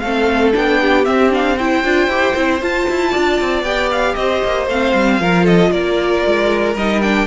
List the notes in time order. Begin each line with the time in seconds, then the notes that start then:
0.00 A3 C4 A4 F5
0.53 B3 D4 G5
0.81 G4
1.05 C4 E5
1.31 D4 F5
1.57 E4 C5 G5
1.85 D4 F4
2.08 E4 G4
2.36 C4 E4
2.62 F4 A5
2.90 E4
3.10 D4 D5
3.41 C4
3.63 B3 G4 G5
3.92 F5
4.15 C4 C5 D#5
4.44 A#3
4.67 A3 C4 F5
4.94 G3
5.20 F3 F4 A#4
5.44 A4 D#5
5.71 A#3 A#4 D5
6.27 G#3
6.76 G3 D#4 D#5
7.02 D4 G5